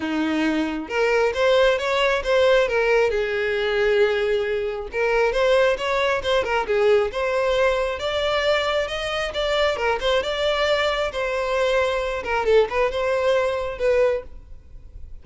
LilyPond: \new Staff \with { instrumentName = "violin" } { \time 4/4 \tempo 4 = 135 dis'2 ais'4 c''4 | cis''4 c''4 ais'4 gis'4~ | gis'2. ais'4 | c''4 cis''4 c''8 ais'8 gis'4 |
c''2 d''2 | dis''4 d''4 ais'8 c''8 d''4~ | d''4 c''2~ c''8 ais'8 | a'8 b'8 c''2 b'4 | }